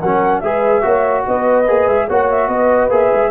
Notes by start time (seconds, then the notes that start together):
0.00 F#3 C#4 A#4 F#5
0.39 G#3 G#4 B4 E5
0.81 A#3 F#4 C#5
1.26 B3 B4 D#5
1.67 A#3 G#4
1.87 G#3 E5
2.07 A#3 F#4 C#5 F#5
2.29 E5
2.47 B3 B4 D#5
2.89 A#3 G#4 E5
3.13 G#3